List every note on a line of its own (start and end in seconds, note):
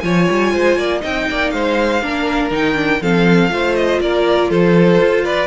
0.00 0.28 F3
0.00 1.01 F4
0.00 0.54 C#5
0.00 0.99 G#5
0.30 0.54 G3
0.54 0.76 G#3
0.54 0.78 C5
0.76 1.01 A#3
0.76 1.02 D5
1.01 1.29 C4
1.01 2.00 D#4
1.01 1.26 D#5
1.01 1.50 G5
1.31 1.53 A#3
1.31 1.54 D5
1.50 2.02 G#3
1.50 2.03 C5
1.50 2.50 F5
2.02 2.51 A#3
2.02 2.51 D4
2.02 3.02 A#4
2.51 3.00 D#3
2.51 2.75 D#4
2.51 3.03 G5
2.75 3.00 D4
3.01 3.51 F3
3.01 3.50 C4
3.01 3.52 A4
3.01 3.76 F5
3.50 4.00 A3
3.50 5.47 F4
3.50 4.03 C5
3.76 4.00 D#5
4.01 4.50 A#3
4.01 4.50 A#4
4.01 4.51 D5
4.50 5.00 F3
4.50 5.24 A4
4.50 5.25 C5
5.00 5.47 F4
5.24 5.47 B4
5.24 5.47 D5